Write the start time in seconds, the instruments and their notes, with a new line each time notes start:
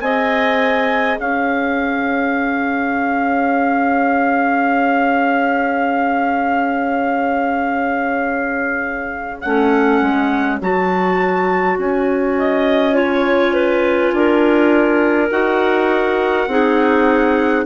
0.00 bassoon C4, clarinet G#4 D#5, trumpet G#5
1.19 bassoon C#4, clarinet C#5, trumpet F5
9.41 bassoon A3, clarinet C#4, trumpet F#5
10.01 bassoon G#3
10.60 bassoon F#3, clarinet F#4, trumpet A5
11.77 bassoon C#4, trumpet G#5
12.38 clarinet D#5
12.92 clarinet F4 C#5
13.54 clarinet B4
14.12 bassoon D4, clarinet A#4
15.31 bassoon D#4, clarinet F#4, trumpet F#5
16.47 bassoon C4, clarinet D#4 G#4